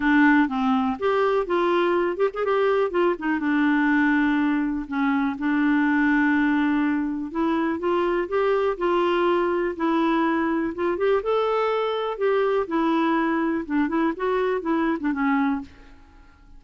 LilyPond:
\new Staff \with { instrumentName = "clarinet" } { \time 4/4 \tempo 4 = 123 d'4 c'4 g'4 f'4~ | f'8 g'16 gis'16 g'4 f'8 dis'8 d'4~ | d'2 cis'4 d'4~ | d'2. e'4 |
f'4 g'4 f'2 | e'2 f'8 g'8 a'4~ | a'4 g'4 e'2 | d'8 e'8 fis'4 e'8. d'16 cis'4 | }